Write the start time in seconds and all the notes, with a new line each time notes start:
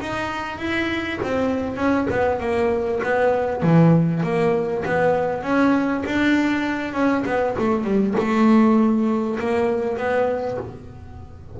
0.00 D#4
0.58 E4
1.22 C4
1.76 C#4
2.10 B3
2.40 A#3
3.03 B3
3.62 E3
4.23 A#3
4.85 B3
5.43 C#4
6.05 D4
6.93 C#4
7.26 B3
7.58 A3
7.84 G3
8.18 A3
9.39 A#3
9.97 B3